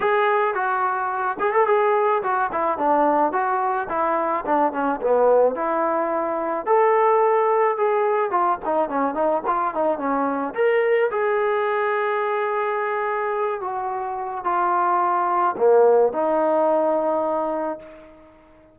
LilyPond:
\new Staff \with { instrumentName = "trombone" } { \time 4/4 \tempo 4 = 108 gis'4 fis'4. gis'16 a'16 gis'4 | fis'8 e'8 d'4 fis'4 e'4 | d'8 cis'8 b4 e'2 | a'2 gis'4 f'8 dis'8 |
cis'8 dis'8 f'8 dis'8 cis'4 ais'4 | gis'1~ | gis'8 fis'4. f'2 | ais4 dis'2. | }